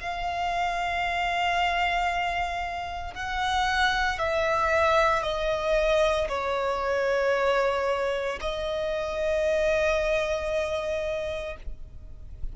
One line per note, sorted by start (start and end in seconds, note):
0.00 3.14 F5
3.14 4.18 F#5
4.18 5.22 E5
5.22 6.27 D#5
6.28 8.39 C#5
8.40 11.56 D#5